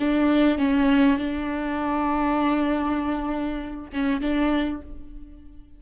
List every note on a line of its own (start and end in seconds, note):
0.00 0.59 D4
0.59 1.19 C#4
1.19 3.91 D4
3.93 4.21 C#4
4.21 4.82 D4